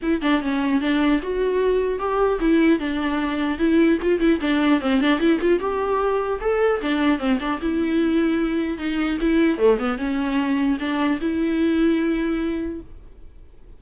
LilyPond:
\new Staff \with { instrumentName = "viola" } { \time 4/4 \tempo 4 = 150 e'8 d'8 cis'4 d'4 fis'4~ | fis'4 g'4 e'4 d'4~ | d'4 e'4 f'8 e'8 d'4 | c'8 d'8 e'8 f'8 g'2 |
a'4 d'4 c'8 d'8 e'4~ | e'2 dis'4 e'4 | a8 b8 cis'2 d'4 | e'1 | }